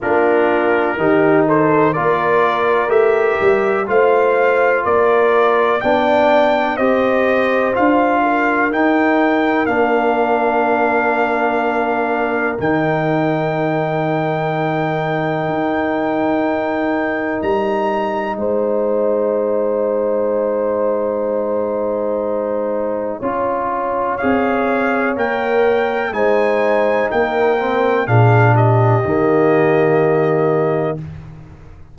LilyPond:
<<
  \new Staff \with { instrumentName = "trumpet" } { \time 4/4 \tempo 4 = 62 ais'4. c''8 d''4 e''4 | f''4 d''4 g''4 dis''4 | f''4 g''4 f''2~ | f''4 g''2.~ |
g''2 ais''4 gis''4~ | gis''1~ | gis''4 f''4 g''4 gis''4 | g''4 f''8 dis''2~ dis''8 | }
  \new Staff \with { instrumentName = "horn" } { \time 4/4 f'4 g'8 a'8 ais'2 | c''4 ais'4 d''4 c''4~ | c''8 ais'2.~ ais'8~ | ais'1~ |
ais'2. c''4~ | c''1 | cis''2. c''4 | ais'4 gis'8 g'2~ g'8 | }
  \new Staff \with { instrumentName = "trombone" } { \time 4/4 d'4 dis'4 f'4 g'4 | f'2 d'4 g'4 | f'4 dis'4 d'2~ | d'4 dis'2.~ |
dis'1~ | dis'1 | f'4 gis'4 ais'4 dis'4~ | dis'8 c'8 d'4 ais2 | }
  \new Staff \with { instrumentName = "tuba" } { \time 4/4 ais4 dis4 ais4 a8 g8 | a4 ais4 b4 c'4 | d'4 dis'4 ais2~ | ais4 dis2. |
dis'2 g4 gis4~ | gis1 | cis'4 c'4 ais4 gis4 | ais4 ais,4 dis2 | }
>>